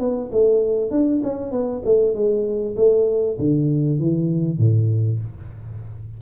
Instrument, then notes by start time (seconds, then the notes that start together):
tuba
0.00 B3
0.32 A3
0.91 D4
1.23 C#4
1.52 B3
1.86 A3
2.15 G#3
2.77 A3
3.39 D3
4.00 E3
4.59 A2